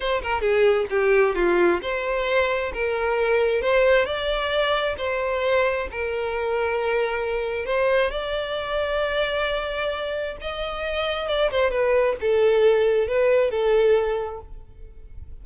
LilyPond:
\new Staff \with { instrumentName = "violin" } { \time 4/4 \tempo 4 = 133 c''8 ais'8 gis'4 g'4 f'4 | c''2 ais'2 | c''4 d''2 c''4~ | c''4 ais'2.~ |
ais'4 c''4 d''2~ | d''2. dis''4~ | dis''4 d''8 c''8 b'4 a'4~ | a'4 b'4 a'2 | }